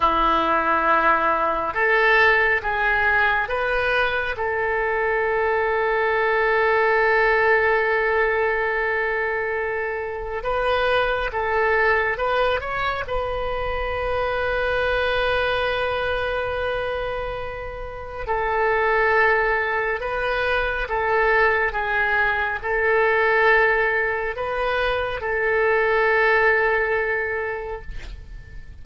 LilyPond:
\new Staff \with { instrumentName = "oboe" } { \time 4/4 \tempo 4 = 69 e'2 a'4 gis'4 | b'4 a'2.~ | a'1 | b'4 a'4 b'8 cis''8 b'4~ |
b'1~ | b'4 a'2 b'4 | a'4 gis'4 a'2 | b'4 a'2. | }